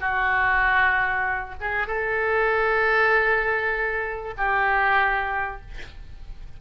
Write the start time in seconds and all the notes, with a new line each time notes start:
0.00 F#4
1.61 G#4
1.87 A4
4.37 G4